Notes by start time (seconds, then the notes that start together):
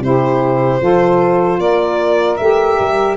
0.00 C3 E4 G4 C5
0.80 F3 F4 A4
1.59 A#3 A#4 D5
2.37 A3 G4 E5
2.80 G3